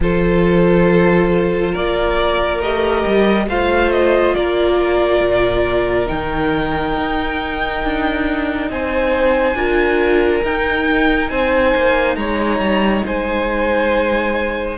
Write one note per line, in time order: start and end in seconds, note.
0.00 1.74 F3
0.00 2.62 F4
0.00 1.72 A4
0.00 1.74 C5
1.72 2.60 A#3
1.72 3.46 A#4
1.72 2.61 D5
2.60 3.04 A3
2.60 3.47 G4
2.60 3.48 D#5
3.06 3.47 G3
3.47 4.34 A3
3.47 6.06 F4
3.47 4.35 C5
3.47 3.91 F5
3.91 4.34 D#5
4.34 5.20 A#3
4.34 8.71 A#4
4.34 6.08 D5
5.20 6.07 A#2
6.06 6.97 D#3
6.06 9.54 D#4
6.06 8.68 G5
6.97 7.84 D#4
7.84 8.70 D4
8.70 9.54 C4
8.70 9.56 C5
8.70 10.44 G#5
9.54 10.41 D4
9.54 10.43 F4
9.54 11.30 A#4
10.43 11.30 D#4
10.43 14.77 D#4
10.43 11.29 G5
11.29 11.74 C4
11.29 12.17 C5
11.29 12.15 G#5
11.75 12.16 A#3
12.15 12.59 G#3
12.15 13.05 C#5
12.15 13.02 A#5
12.59 13.02 G3
13.05 14.77 G#3
13.05 14.77 C5
13.05 14.77 G#5